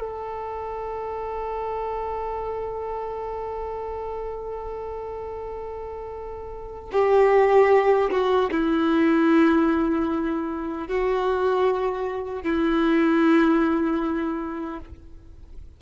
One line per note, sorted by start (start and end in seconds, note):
0.00 6.91 A4
6.93 8.11 G4
8.11 8.50 F#4
8.51 10.88 E4
10.88 12.43 F#4
12.43 14.80 E4